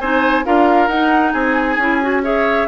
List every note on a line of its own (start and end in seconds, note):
0.00 0.45 C4
0.00 0.44 D#4
0.00 0.45 C5
0.00 0.45 G#5
0.44 0.88 D4
0.44 0.89 F4
0.44 1.33 A#4
0.44 0.88 F5
0.88 1.33 D#4
0.88 1.80 D#4
0.88 1.32 F#5
1.33 1.77 C4
1.33 2.22 G#4
1.33 2.22 G#5
1.77 2.66 C#4
1.77 2.02 E4
2.02 2.23 F#4
2.23 2.68 G#4
2.23 2.68 C#5
2.23 2.68 E5